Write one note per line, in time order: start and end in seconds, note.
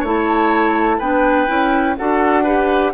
0.00 0.99 A3
0.00 1.01 E4
0.00 0.97 C#5
0.07 1.00 A5
0.98 1.48 B3
0.98 1.47 D4
0.98 1.95 B4
0.98 1.97 G5
1.47 1.97 C#4
1.47 1.96 E4
1.97 2.94 D4
1.97 2.46 F#4
1.97 2.44 A4
1.97 2.94 F#5
2.44 2.94 G4
2.44 2.92 B4